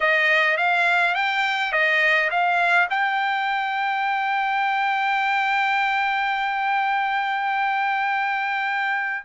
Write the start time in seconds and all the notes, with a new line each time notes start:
0.00 D#5
0.57 F5
1.15 G5
1.72 D#5
2.30 F5
2.90 G5